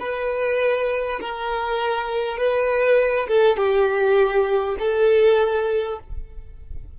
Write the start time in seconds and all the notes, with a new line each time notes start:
0.00 B4
1.21 A#4
2.38 B4
3.28 A4
3.57 G4
4.79 A4